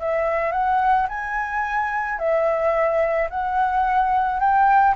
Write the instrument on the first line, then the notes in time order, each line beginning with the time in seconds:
flute
0.00 E5
0.52 F#5
1.08 G#5
2.18 E5
3.30 F#5
4.39 G5